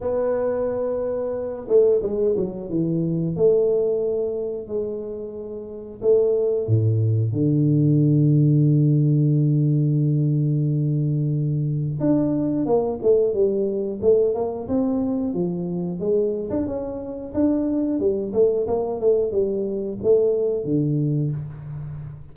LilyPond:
\new Staff \with { instrumentName = "tuba" } { \time 4/4 \tempo 4 = 90 b2~ b8 a8 gis8 fis8 | e4 a2 gis4~ | gis4 a4 a,4 d4~ | d1~ |
d2 d'4 ais8 a8 | g4 a8 ais8 c'4 f4 | gis8. d'16 cis'4 d'4 g8 a8 | ais8 a8 g4 a4 d4 | }